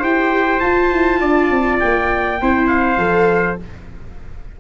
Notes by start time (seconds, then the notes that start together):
0.00 E4 G4 C5 G5
0.59 F4 A5
0.92 E4
1.21 D4 D5
1.51 C4
1.80 A#3 G5
2.42 C4 E4 C5
2.68 F5
2.97 F3 A4